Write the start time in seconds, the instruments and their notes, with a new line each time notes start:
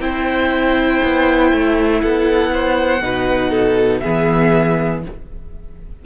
0.00 cello C4, viola E4, violin C5 G5
1.04 cello B3
1.52 cello A3
2.02 cello B3, violin A4 F#5
2.53 violin C5
3.01 cello B2, viola D#4, violin B4
3.50 violin A4
3.99 viola B3, violin G#4 E5
4.06 cello E3